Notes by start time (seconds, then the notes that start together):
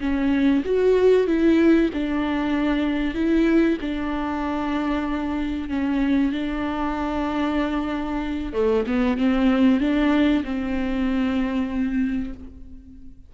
0.00 C#4
0.65 F#4
1.27 E4
1.93 D4
3.15 E4
3.81 D4
5.69 C#4
6.32 D4
8.53 A3
8.87 B3
9.17 C4
9.80 D4
10.44 C4